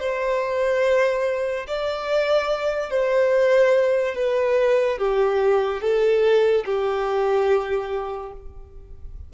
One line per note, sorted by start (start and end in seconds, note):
0.00 1.67 C5
1.68 2.91 D5
2.91 4.16 C5
4.16 4.99 B4
4.99 5.82 G4
5.82 6.65 A4
6.66 8.33 G4